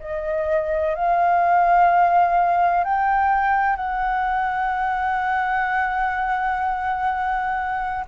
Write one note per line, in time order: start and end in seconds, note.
0.00 0.95 D#5
0.96 2.85 F5
2.85 3.77 G5
3.77 8.06 F#5